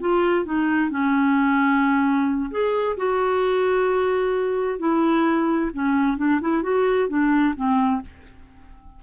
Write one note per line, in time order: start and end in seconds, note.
0.00 0.45 F4
0.45 0.90 D#4
0.90 2.50 C#4
2.51 2.97 G#4
2.97 4.79 F#4
4.79 5.71 E4
5.73 6.17 C#4
6.17 6.40 D4
6.41 6.62 E4
6.62 7.08 F#4
7.09 7.54 D4
7.56 8.01 C4